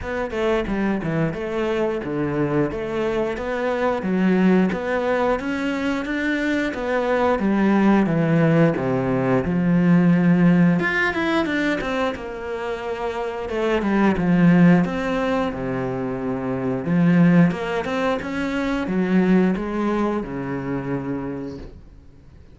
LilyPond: \new Staff \with { instrumentName = "cello" } { \time 4/4 \tempo 4 = 89 b8 a8 g8 e8 a4 d4 | a4 b4 fis4 b4 | cis'4 d'4 b4 g4 | e4 c4 f2 |
f'8 e'8 d'8 c'8 ais2 | a8 g8 f4 c'4 c4~ | c4 f4 ais8 c'8 cis'4 | fis4 gis4 cis2 | }